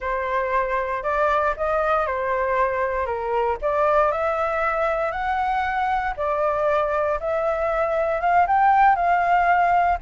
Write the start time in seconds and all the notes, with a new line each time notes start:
0.00 C5
1.03 D5
1.56 D#5
2.06 C5
3.06 A#4
3.61 D5
4.11 E5
5.11 F#5
6.16 D5
7.20 E5
8.21 F5
8.47 G5
8.95 F5